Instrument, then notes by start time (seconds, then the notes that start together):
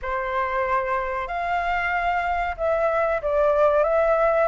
flute
0.02 C5
1.27 F5
2.57 E5
3.22 D5
3.83 E5